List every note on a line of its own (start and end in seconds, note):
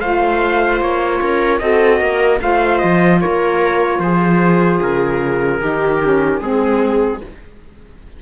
0.00 0.81 A3
0.00 1.60 F4
0.00 1.20 C5
0.00 0.80 F5
0.81 1.21 A#3
0.81 1.59 C#5
1.22 1.61 C#4
1.22 1.62 A#4
1.59 2.01 C4
1.59 2.39 F#4
1.59 2.01 A4
1.59 2.39 D#5
2.01 2.41 A#3
2.01 2.41 A#4
2.39 2.82 A3
2.39 5.59 F4
2.39 3.21 C5
2.39 2.79 F5
2.79 3.24 F3
2.79 3.19 D#5
3.21 3.99 A#3
3.21 4.01 A#4
3.21 4.00 C#5
3.99 4.79 F3
3.99 5.62 G#4
3.99 4.80 C5
4.83 5.61 C#3
4.83 6.43 A#4
5.61 6.41 D#3
5.61 6.01 D#4
5.61 6.40 G4
6.02 6.42 C#4
6.40 7.21 G#3
6.40 7.22 C4
6.40 7.20 G#4
6.40 7.23 G#4